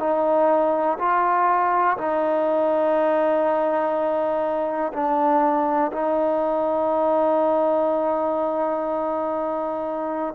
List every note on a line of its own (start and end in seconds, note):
0.00 0.98 D#4
0.99 1.98 F4
1.98 4.93 D#4
4.94 5.92 D4
5.93 10.35 D#4